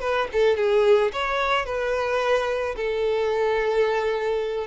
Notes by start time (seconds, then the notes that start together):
0.00 B4
0.32 A4
0.57 G#4
1.12 C#5
1.65 B4
2.76 A4